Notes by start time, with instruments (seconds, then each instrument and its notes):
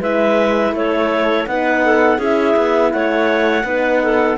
0.00 cello G#3, horn E4, clarinet B4 E5
0.72 cello A3, clarinet A4 C#5
1.46 cello B3, horn D#4, clarinet B4 F#5
1.84 clarinet A4
2.18 cello C#4, horn E4, clarinet G#4 E5
2.56 cello B3
2.92 cello A3, clarinet C#5 F#5
3.63 cello B3, horn D#4, clarinet B4
4.02 clarinet A4